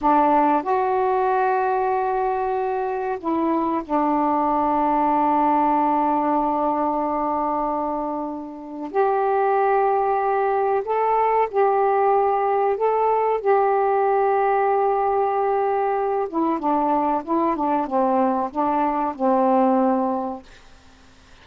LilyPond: \new Staff \with { instrumentName = "saxophone" } { \time 4/4 \tempo 4 = 94 d'4 fis'2.~ | fis'4 e'4 d'2~ | d'1~ | d'2 g'2~ |
g'4 a'4 g'2 | a'4 g'2.~ | g'4. e'8 d'4 e'8 d'8 | c'4 d'4 c'2 | }